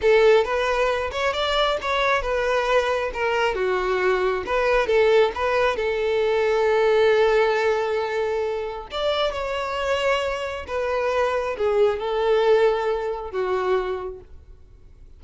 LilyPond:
\new Staff \with { instrumentName = "violin" } { \time 4/4 \tempo 4 = 135 a'4 b'4. cis''8 d''4 | cis''4 b'2 ais'4 | fis'2 b'4 a'4 | b'4 a'2.~ |
a'1 | d''4 cis''2. | b'2 gis'4 a'4~ | a'2 fis'2 | }